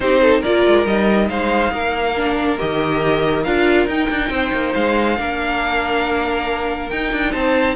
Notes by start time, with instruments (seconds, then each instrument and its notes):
0.00 cello C4, viola D#4, violin G4 C5
0.21 violin A4
0.40 cello A#3, viola F4, violin A#4 D5
0.66 cello G#3
0.84 cello G3, viola D#4, violin D#5
1.29 cello G#3, violin C5 F5
1.71 cello A#3, violin A#4
2.16 viola D4
2.58 cello D#3, viola G4, violin D#5
3.43 cello D4, viola F4, violin F5
3.86 cello D#4, viola D#4, violin G5
4.09 cello D4
4.29 cello C4, violin C5
4.52 cello A#3
4.73 cello G#3, violin F5
5.17 cello A#3, viola D4, violin A#4
6.89 cello D#4, viola D#4, violin G5
7.12 cello D4
7.32 cello C4, violin C5 A5